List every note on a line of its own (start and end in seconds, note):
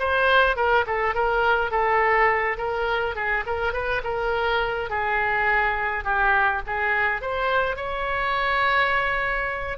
0.00 0.57 C5
0.57 0.86 A#4
0.87 1.15 A4
1.15 1.72 A#4
1.72 2.58 A4
2.58 3.16 A#4
3.16 3.45 G#4
3.47 3.74 A#4
3.74 4.03 B4
4.05 4.90 A#4
4.90 6.05 G#4
6.05 6.62 G4
6.67 7.22 G#4
7.22 7.77 C5
7.77 9.78 C#5